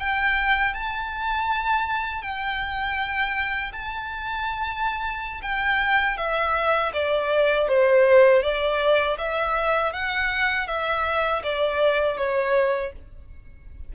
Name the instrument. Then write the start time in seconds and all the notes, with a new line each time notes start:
violin
0.00 G5
0.74 A5
2.22 G5
3.73 A5
5.42 G5
6.17 E5
6.93 D5
7.68 C5
8.43 D5
9.18 E5
9.93 F#5
10.68 E5
11.44 D5
12.18 C#5